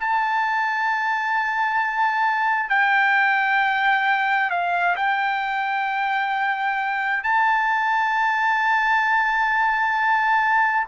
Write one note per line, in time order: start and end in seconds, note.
0.00 2.69 A5
2.69 4.50 G5
4.50 4.96 F5
4.96 7.24 G5
7.24 10.87 A5